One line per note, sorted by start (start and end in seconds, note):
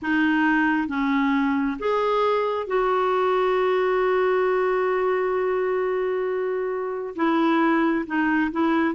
0.02 0.88 D#4
0.88 1.77 C#4
1.79 2.66 G#4
2.66 7.14 F#4
7.15 8.05 E4
8.06 8.51 D#4
8.51 8.94 E4